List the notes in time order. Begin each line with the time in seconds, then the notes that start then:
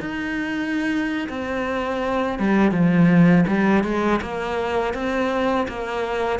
0.00 D#4
1.29 C4
2.39 G3
2.71 F3
3.47 G3
3.83 G#3
4.21 A#3
4.94 C4
5.68 A#3